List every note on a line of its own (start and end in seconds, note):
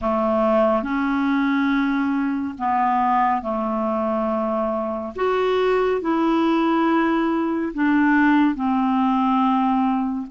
0.01 0.83 A3
0.83 2.54 C#4
2.58 3.42 B3
3.42 5.13 A3
5.15 6.01 F#4
6.01 7.72 E4
7.74 8.55 D4
8.55 10.26 C4